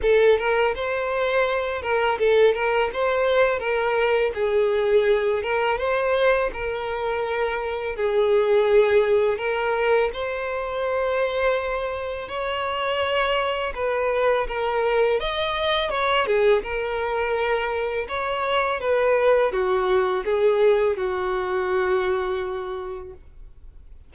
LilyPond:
\new Staff \with { instrumentName = "violin" } { \time 4/4 \tempo 4 = 83 a'8 ais'8 c''4. ais'8 a'8 ais'8 | c''4 ais'4 gis'4. ais'8 | c''4 ais'2 gis'4~ | gis'4 ais'4 c''2~ |
c''4 cis''2 b'4 | ais'4 dis''4 cis''8 gis'8 ais'4~ | ais'4 cis''4 b'4 fis'4 | gis'4 fis'2. | }